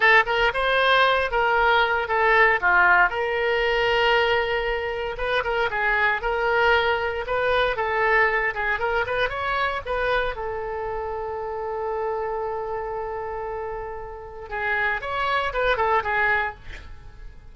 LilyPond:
\new Staff \with { instrumentName = "oboe" } { \time 4/4 \tempo 4 = 116 a'8 ais'8 c''4. ais'4. | a'4 f'4 ais'2~ | ais'2 b'8 ais'8 gis'4 | ais'2 b'4 a'4~ |
a'8 gis'8 ais'8 b'8 cis''4 b'4 | a'1~ | a'1 | gis'4 cis''4 b'8 a'8 gis'4 | }